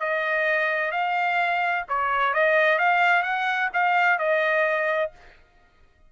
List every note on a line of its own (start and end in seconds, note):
0.00 0.92 D#5
0.92 1.85 F5
1.89 2.34 C#5
2.34 2.79 D#5
2.79 3.23 F5
3.23 3.69 F#5
3.73 4.19 F5
4.19 5.12 D#5